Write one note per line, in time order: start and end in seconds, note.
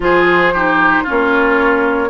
0.00 1.02 F3
0.00 0.52 F4
0.00 0.53 G#4
0.00 1.08 C5
0.53 1.05 D#4
0.53 1.03 G4
1.03 2.09 C#4
1.03 2.09 F4
1.03 2.09 C#5
1.09 2.09 A#3